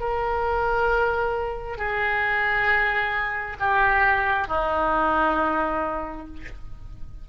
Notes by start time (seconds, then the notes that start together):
0.00 A#4
1.77 G#4
3.60 G4
4.47 D#4